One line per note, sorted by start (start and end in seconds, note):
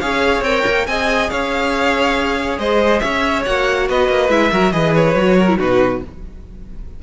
0.00 0.41 C#4
0.00 0.45 G#4
0.00 0.87 C#5
0.00 0.43 F5
0.41 0.62 C4
0.41 0.89 A#4
0.41 0.87 G5
0.67 0.87 A#3
0.87 1.30 C4
0.87 3.46 G#4
0.87 1.31 D#5
0.87 1.29 G#5
1.29 2.58 C#4
1.29 2.59 C#5
1.29 2.58 F5
2.58 3.01 G#3
2.58 3.02 C5
2.58 2.99 D#5
2.99 3.46 C#4
2.99 3.88 C#5
2.99 3.42 E5
3.45 3.89 A#3
3.45 4.29 F#4
3.45 3.88 F#5
3.88 4.08 B3
3.88 4.51 B4
3.88 4.29 D#5
4.08 4.29 A#3
4.29 4.50 G#3
4.29 4.51 E4
4.29 4.72 E5
4.51 4.73 F#3
4.51 4.72 F#4
4.51 4.72 A#4
4.72 5.15 E3
4.72 5.15 G#4
4.72 5.38 B4
4.72 4.94 D#5
4.95 5.59 C#5
5.15 5.57 F#3
5.15 5.48 F#4
5.38 5.58 A#4
5.48 5.58 E4
5.58 6.03 B2
5.58 6.01 D#4
5.58 6.01 F#4
5.58 6.03 B4